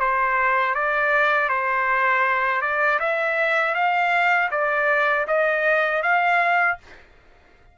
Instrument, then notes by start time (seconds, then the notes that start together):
trumpet
0.00 C5
0.75 D5
1.49 C5
2.62 D5
3.00 E5
3.75 F5
4.51 D5
5.28 D#5
6.03 F5